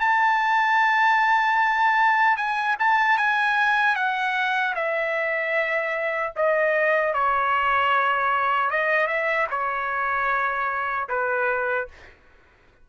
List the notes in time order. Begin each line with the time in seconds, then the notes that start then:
0.00 A5
2.37 G#5
2.79 A5
3.18 G#5
3.95 F#5
4.75 E5
6.36 D#5
7.14 C#5
8.71 D#5
9.07 E5
9.50 C#5
11.09 B4